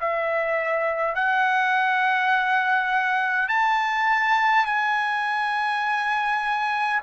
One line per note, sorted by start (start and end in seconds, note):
0.00 1.15 E5
1.15 3.49 F#5
3.49 4.65 A5
4.65 7.01 G#5